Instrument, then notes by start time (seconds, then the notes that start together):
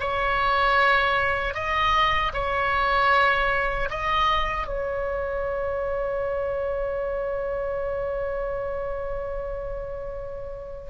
oboe
0.00 C#5
1.54 D#5
2.33 C#5
3.91 D#5
4.67 C#5